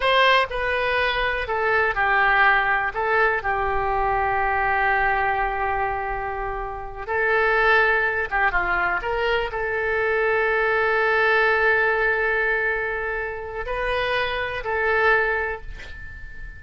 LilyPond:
\new Staff \with { instrumentName = "oboe" } { \time 4/4 \tempo 4 = 123 c''4 b'2 a'4 | g'2 a'4 g'4~ | g'1~ | g'2~ g'8 a'4.~ |
a'4 g'8 f'4 ais'4 a'8~ | a'1~ | a'1 | b'2 a'2 | }